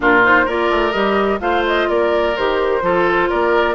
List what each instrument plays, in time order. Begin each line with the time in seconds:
0.00 bassoon A#2, clarinet D4, oboe F4, flute A#4
0.23 clarinet D#4, flute C5
0.45 bassoon A#3, clarinet F4, oboe A#4, flute D5
0.70 bassoon A3
0.92 bassoon G3, clarinet G4, flute D#5
1.39 bassoon A3, clarinet F4, oboe C5, flute F5
1.67 flute D#5
1.88 bassoon A#3, oboe A#4, flute D5
2.36 bassoon D#3, clarinet G4, flute C5
2.81 bassoon F3, clarinet F4, oboe A4
3.29 bassoon A#3, oboe A#4, flute D5